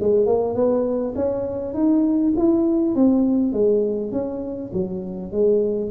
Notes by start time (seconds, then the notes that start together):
0.00 G#3
0.26 A#3
0.55 B3
1.16 C#4
1.74 D#4
2.37 E4
2.95 C4
3.53 G#3
4.12 C#4
4.73 F#3
5.32 G#3